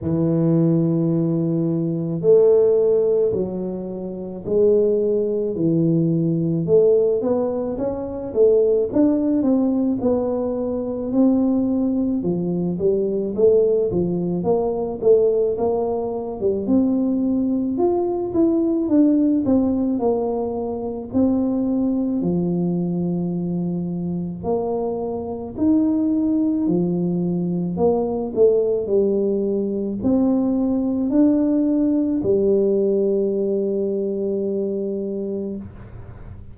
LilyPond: \new Staff \with { instrumentName = "tuba" } { \time 4/4 \tempo 4 = 54 e2 a4 fis4 | gis4 e4 a8 b8 cis'8 a8 | d'8 c'8 b4 c'4 f8 g8 | a8 f8 ais8 a8 ais8. g16 c'4 |
f'8 e'8 d'8 c'8 ais4 c'4 | f2 ais4 dis'4 | f4 ais8 a8 g4 c'4 | d'4 g2. | }